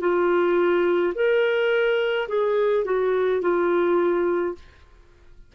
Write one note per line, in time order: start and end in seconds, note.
0.00 1.13 F4
1.14 2.27 A#4
2.28 2.85 G#4
2.85 3.41 F#4
3.41 4.54 F4